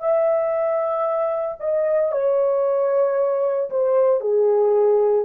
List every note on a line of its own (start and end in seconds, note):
0.00 1.58 E5
1.60 2.12 D#5
2.12 3.70 C#5
3.71 4.21 C5
4.21 5.25 G#4